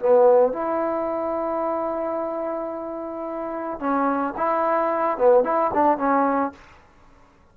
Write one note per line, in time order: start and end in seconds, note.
0.00 0.53 B3
0.53 3.80 E4
3.80 4.34 C#4
4.37 5.18 E4
5.18 5.44 B3
5.44 5.71 E4
5.74 5.98 D4
5.98 6.52 C#4